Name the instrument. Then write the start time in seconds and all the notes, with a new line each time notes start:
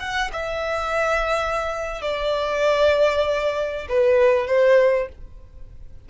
violin
0.00 F#5
0.33 E5
2.02 D5
3.89 B4
4.47 C5